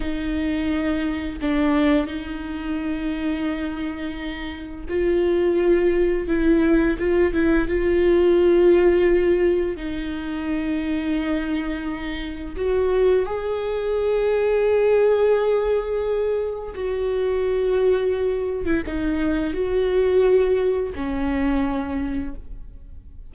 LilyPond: \new Staff \with { instrumentName = "viola" } { \time 4/4 \tempo 4 = 86 dis'2 d'4 dis'4~ | dis'2. f'4~ | f'4 e'4 f'8 e'8 f'4~ | f'2 dis'2~ |
dis'2 fis'4 gis'4~ | gis'1 | fis'2~ fis'8. e'16 dis'4 | fis'2 cis'2 | }